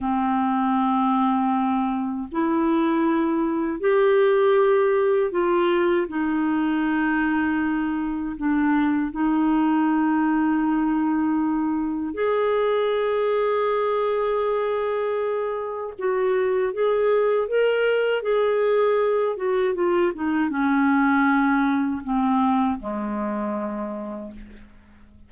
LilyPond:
\new Staff \with { instrumentName = "clarinet" } { \time 4/4 \tempo 4 = 79 c'2. e'4~ | e'4 g'2 f'4 | dis'2. d'4 | dis'1 |
gis'1~ | gis'4 fis'4 gis'4 ais'4 | gis'4. fis'8 f'8 dis'8 cis'4~ | cis'4 c'4 gis2 | }